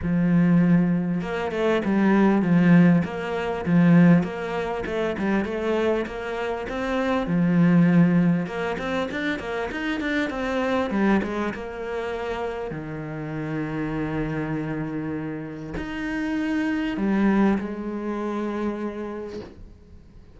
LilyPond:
\new Staff \with { instrumentName = "cello" } { \time 4/4 \tempo 4 = 99 f2 ais8 a8 g4 | f4 ais4 f4 ais4 | a8 g8 a4 ais4 c'4 | f2 ais8 c'8 d'8 ais8 |
dis'8 d'8 c'4 g8 gis8 ais4~ | ais4 dis2.~ | dis2 dis'2 | g4 gis2. | }